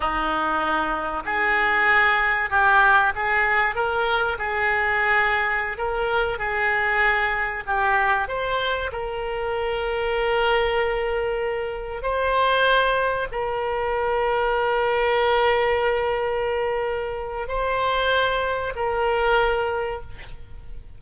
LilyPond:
\new Staff \with { instrumentName = "oboe" } { \time 4/4 \tempo 4 = 96 dis'2 gis'2 | g'4 gis'4 ais'4 gis'4~ | gis'4~ gis'16 ais'4 gis'4.~ gis'16~ | gis'16 g'4 c''4 ais'4.~ ais'16~ |
ais'2.~ ais'16 c''8.~ | c''4~ c''16 ais'2~ ais'8.~ | ais'1 | c''2 ais'2 | }